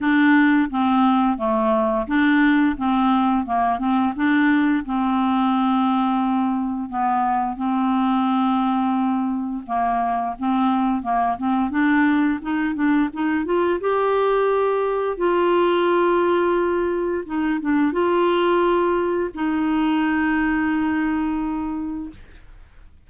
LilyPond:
\new Staff \with { instrumentName = "clarinet" } { \time 4/4 \tempo 4 = 87 d'4 c'4 a4 d'4 | c'4 ais8 c'8 d'4 c'4~ | c'2 b4 c'4~ | c'2 ais4 c'4 |
ais8 c'8 d'4 dis'8 d'8 dis'8 f'8 | g'2 f'2~ | f'4 dis'8 d'8 f'2 | dis'1 | }